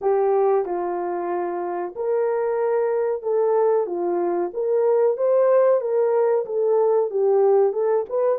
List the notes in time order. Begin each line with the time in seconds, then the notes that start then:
0.01 G4
0.65 F4
1.95 A#4
3.22 A4
3.86 F4
4.53 A#4
5.17 C5
5.80 A#4
6.45 A4
7.10 G4
7.72 A4
8.09 B4